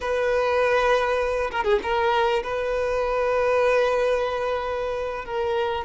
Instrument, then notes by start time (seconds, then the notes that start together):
violin
0.01 B4
1.51 A#4
1.64 G#4
1.82 A#4
2.43 B4
5.25 A#4